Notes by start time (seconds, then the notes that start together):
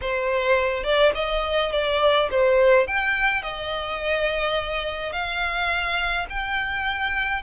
0.01 C5
0.83 D5
1.15 D#5
1.71 D5
2.31 C5
2.87 G5
3.42 D#5
5.12 F5
6.29 G5